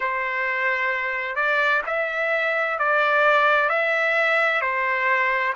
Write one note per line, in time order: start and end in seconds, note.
0.00 1.36 C5
1.36 1.82 D5
1.86 2.79 E5
2.79 3.69 D5
3.69 4.61 E5
4.61 5.53 C5